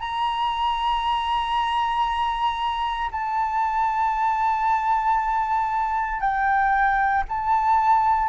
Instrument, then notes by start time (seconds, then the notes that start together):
flute
0.00 A#5
3.11 A5
6.20 G5
7.28 A5